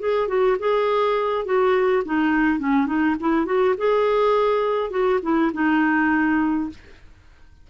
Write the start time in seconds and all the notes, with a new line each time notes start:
0.00 G#4
0.28 F#4
0.60 G#4
1.45 F#4
2.05 D#4
2.59 C#4
2.87 D#4
3.20 E4
3.46 F#4
3.78 G#4
4.91 F#4
5.23 E4
5.53 D#4